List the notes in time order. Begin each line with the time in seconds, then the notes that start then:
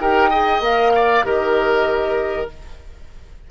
0.00 D#4 G4 A#4 G5
0.30 G#4 D#5
0.60 A#3 A#4 F5
0.95 D5
1.24 D#3 G4 A#4 D#5